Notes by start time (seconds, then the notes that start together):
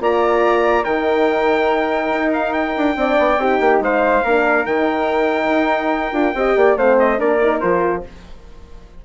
0.00 A#3 F4 D5 A#5
0.84 D#3 D#4 A#4 G5
2.10 D#4
2.33 F5
2.53 G5
2.77 D4
2.95 C4 D4 D5
3.18 B3
3.37 C4 D#4 G4
3.60 A#3
3.80 G#3 C5 F5
4.24 A#3 D4 A#4
4.65 D#3 D#4 G5
5.49 D#4
6.12 D4 F4
6.34 C4 G4 D#5
6.56 A#3 D5
6.77 A3 C4 C5 F5
6.99 D#5
7.17 A#3 D4 A#4 D5
7.42 D#4
7.60 F3 F4 C5